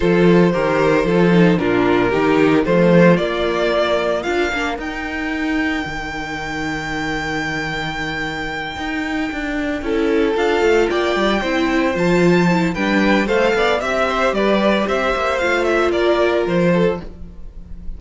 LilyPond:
<<
  \new Staff \with { instrumentName = "violin" } { \time 4/4 \tempo 4 = 113 c''2. ais'4~ | ais'4 c''4 d''2 | f''4 g''2.~ | g''1~ |
g''2.~ g''8 f''8~ | f''8 g''2 a''4. | g''4 f''4 e''4 d''4 | e''4 f''8 e''8 d''4 c''4 | }
  \new Staff \with { instrumentName = "violin" } { \time 4/4 a'4 ais'4 a'4 f'4 | g'4 f'2. | ais'1~ | ais'1~ |
ais'2~ ais'8 a'4.~ | a'8 d''4 c''2~ c''8 | b'4 c''8 d''8 e''8 c''8 b'4 | c''2 ais'4. a'8 | }
  \new Staff \with { instrumentName = "viola" } { \time 4/4 f'4 g'4 f'8 dis'8 d'4 | dis'4 a4 ais2 | f'8 d'8 dis'2.~ | dis'1~ |
dis'2~ dis'8 e'4 f'8~ | f'4. e'4 f'4 e'8 | d'4 a'4 g'2~ | g'4 f'2. | }
  \new Staff \with { instrumentName = "cello" } { \time 4/4 f4 dis4 f4 ais,4 | dis4 f4 ais2 | d'8 ais8 dis'2 dis4~ | dis1~ |
dis8 dis'4 d'4 cis'4 d'8 | a8 ais8 g8 c'4 f4. | g4 a8 b8 c'4 g4 | c'8 ais8 a4 ais4 f4 | }
>>